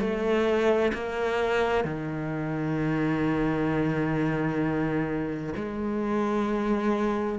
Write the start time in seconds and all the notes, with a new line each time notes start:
0.00 A3
0.94 A#3
1.84 D#3
5.56 G#3